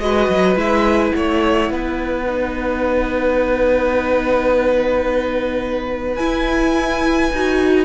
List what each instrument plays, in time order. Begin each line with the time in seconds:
0.00 cello G#3, viola F#4, violin B4 D#5
0.28 cello F#3
0.56 cello G#3, viola E4, violin E5
1.12 cello A3, violin C#5 F#5
1.70 cello B3, violin B4
2.27 viola D#4
6.16 viola E4, cello E4, violin G#5
7.32 cello D#4, viola F#4